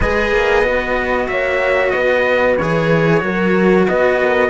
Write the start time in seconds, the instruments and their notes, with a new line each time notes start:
0.00 cello G#3 G#4, horn B4, trumpet D#5
0.31 cello A#3
0.63 cello B3 F#4
1.27 cello A#3, horn C#5, trumpet E5
1.90 cello B3, horn B4, trumpet D#5
2.57 cello E3 G#4, trumpet C#5
3.20 cello F#3 F#4, horn A#4
3.87 cello B3, horn B4, trumpet D#5
4.20 horn A#4